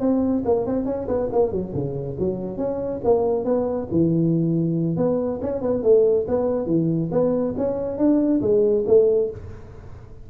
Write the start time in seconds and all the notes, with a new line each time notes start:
0.00 C4
0.45 A#3
0.67 C4
0.86 C#4
1.08 B3
1.32 A#3
1.52 F#3
1.74 C#3
2.19 F#3
2.58 C#4
3.04 A#3
3.45 B3
3.91 E3
4.97 B3
5.42 C#4
5.61 B3
5.83 A3
6.28 B3
6.66 E3
7.12 B3
7.57 C#4
7.98 D4
8.41 G#3
8.87 A3